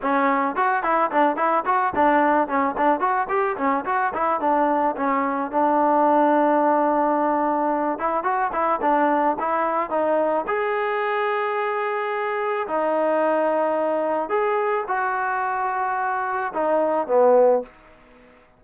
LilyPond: \new Staff \with { instrumentName = "trombone" } { \time 4/4 \tempo 4 = 109 cis'4 fis'8 e'8 d'8 e'8 fis'8 d'8~ | d'8 cis'8 d'8 fis'8 g'8 cis'8 fis'8 e'8 | d'4 cis'4 d'2~ | d'2~ d'8 e'8 fis'8 e'8 |
d'4 e'4 dis'4 gis'4~ | gis'2. dis'4~ | dis'2 gis'4 fis'4~ | fis'2 dis'4 b4 | }